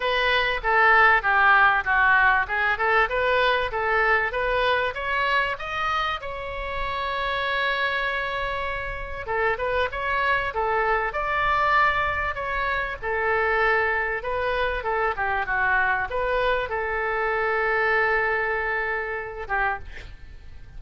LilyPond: \new Staff \with { instrumentName = "oboe" } { \time 4/4 \tempo 4 = 97 b'4 a'4 g'4 fis'4 | gis'8 a'8 b'4 a'4 b'4 | cis''4 dis''4 cis''2~ | cis''2. a'8 b'8 |
cis''4 a'4 d''2 | cis''4 a'2 b'4 | a'8 g'8 fis'4 b'4 a'4~ | a'2.~ a'8 g'8 | }